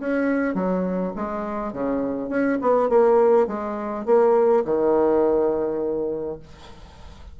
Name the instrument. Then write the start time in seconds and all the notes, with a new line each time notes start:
bassoon
0.00 C#4
0.55 F#3
1.16 G#3
1.73 C#3
2.29 C#4
2.61 B3
2.89 A#3
3.47 G#3
4.06 A#3
4.65 D#3